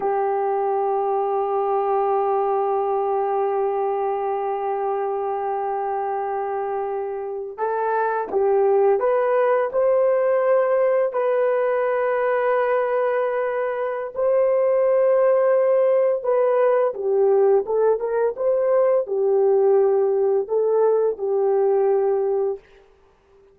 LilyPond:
\new Staff \with { instrumentName = "horn" } { \time 4/4 \tempo 4 = 85 g'1~ | g'1~ | g'2~ g'8. a'4 g'16~ | g'8. b'4 c''2 b'16~ |
b'1 | c''2. b'4 | g'4 a'8 ais'8 c''4 g'4~ | g'4 a'4 g'2 | }